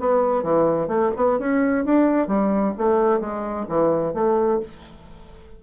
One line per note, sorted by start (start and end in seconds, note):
0.00 0.43 B3
0.43 0.88 E3
0.88 1.11 A3
1.16 1.39 B3
1.39 1.85 C#4
1.85 2.28 D4
2.28 2.74 G3
2.78 3.20 A3
3.20 3.67 G#3
3.69 4.14 E3
4.14 4.60 A3